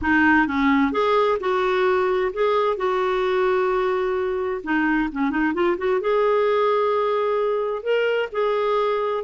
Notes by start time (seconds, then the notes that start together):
0.01 D#4
0.47 C#4
0.92 G#4
1.40 F#4
2.33 G#4
2.77 F#4
4.63 D#4
5.12 C#4
5.30 D#4
5.53 F4
5.77 F#4
6.00 G#4
7.82 A#4
8.31 G#4